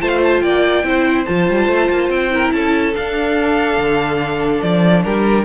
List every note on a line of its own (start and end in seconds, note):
0.00 0.42 A3
0.00 0.83 F4
0.00 0.42 C5
0.00 0.08 A5
0.08 0.18 F5
0.23 0.40 A5
0.40 0.83 A#3
0.40 0.85 D5
0.40 1.24 G5
0.83 1.25 C4
0.83 1.25 E4
0.83 2.33 C5
1.25 1.49 F3
1.25 2.30 F4
1.25 2.09 A5
1.49 1.68 G3
1.68 1.89 A3
1.89 2.09 A#3
2.09 2.51 C4
2.09 2.52 G5
2.30 2.93 E4
2.30 2.54 A#4
2.52 2.94 C#4
2.52 5.04 A4
2.52 2.94 A5
2.94 5.45 D4
2.94 3.77 D4
2.94 4.61 F5
3.77 4.61 D3
4.61 5.04 F3
4.61 5.03 D5
5.03 5.45 G3
5.03 5.45 G4
5.03 5.45 A#4